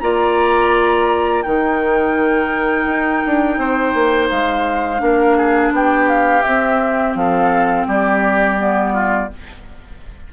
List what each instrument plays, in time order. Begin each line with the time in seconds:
0.00 bassoon A#3, clarinet F4, oboe D5, flute A#5
1.43 bassoon D#3, clarinet D#4, oboe A#4, flute G5
2.86 bassoon D#4
3.26 bassoon D4
3.58 bassoon C4, oboe C5
3.94 bassoon A#3
4.30 bassoon G#3, flute F5
4.98 bassoon A#3, clarinet D4, oboe A#4
5.37 oboe G#4
5.72 bassoon B3, oboe G4, flute G5
6.09 flute F5
6.42 bassoon C4, clarinet C4, flute E5
7.15 bassoon F3, oboe A4, flute F5
7.87 bassoon G3, oboe G4, flute D5
8.57 clarinet B3
8.93 oboe F4